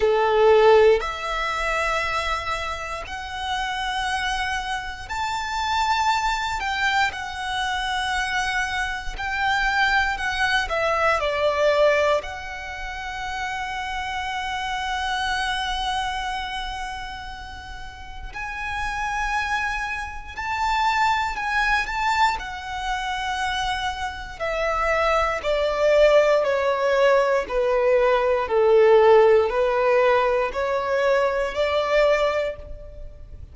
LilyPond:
\new Staff \with { instrumentName = "violin" } { \time 4/4 \tempo 4 = 59 a'4 e''2 fis''4~ | fis''4 a''4. g''8 fis''4~ | fis''4 g''4 fis''8 e''8 d''4 | fis''1~ |
fis''2 gis''2 | a''4 gis''8 a''8 fis''2 | e''4 d''4 cis''4 b'4 | a'4 b'4 cis''4 d''4 | }